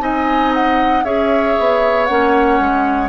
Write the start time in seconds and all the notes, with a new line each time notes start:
0.00 C4 D#4 D#5 G#5
0.54 F#5
1.04 C#4 G#4 C#5 E5
1.59 B3
2.05 A#3 C#4 F#5
2.60 G#3